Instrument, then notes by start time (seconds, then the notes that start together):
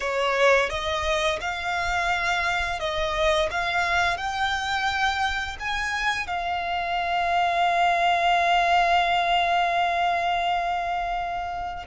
violin
0.00 C#5
0.69 D#5
1.40 F5
2.79 D#5
3.50 F5
4.17 G5
5.59 G#5
6.27 F5